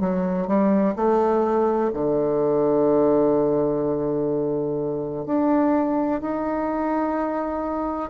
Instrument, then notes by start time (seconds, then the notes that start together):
bassoon
0.00 F#3
0.47 G3
0.95 A3
1.93 D3
5.25 D4
6.20 D#4